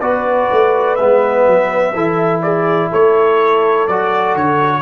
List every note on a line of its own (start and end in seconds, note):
0.00 0.49 B3
0.00 0.99 F#4
0.00 1.94 B4
0.00 0.96 D5
0.52 1.00 A3
0.96 1.46 G#3
0.96 1.95 B3
0.96 2.41 E5
1.46 1.95 F#3
1.94 2.92 E3
1.94 3.89 E4
1.94 2.42 A4
2.42 2.91 G#4
2.42 2.90 D5
2.91 3.87 A3
2.91 4.82 A4
2.91 3.87 C#5
3.87 4.35 F#3
3.87 4.82 F#4
3.87 4.36 D5
4.35 4.82 D3
4.35 4.82 C#5